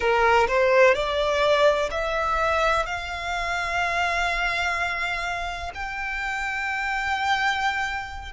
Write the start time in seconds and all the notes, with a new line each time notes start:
0.00 A#4
0.47 C5
0.94 D5
1.90 E5
2.86 F5
5.74 G5